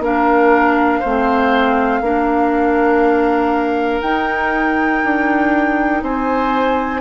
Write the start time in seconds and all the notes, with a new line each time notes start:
0.00 A#3 D4 A#4 F5
1.00 A3 C4 C5
2.01 A#3 D4 A#4
4.02 D#4 G5
5.05 D4
6.03 C4 C5 G#5